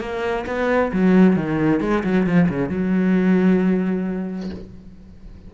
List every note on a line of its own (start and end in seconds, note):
0.00 0.45 A#3
0.46 0.91 B3
0.92 1.36 F#3
1.36 1.80 D#3
1.80 2.03 G#3
2.04 2.26 F#3
2.26 2.49 F3
2.49 2.69 C#3
2.69 4.50 F#3